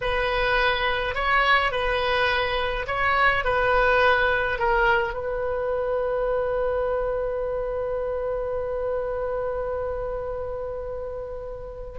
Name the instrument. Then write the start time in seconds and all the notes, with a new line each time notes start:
oboe
0.01 B4
1.15 C#5
1.71 B4
2.87 C#5
3.44 B4
4.58 A#4
5.13 B4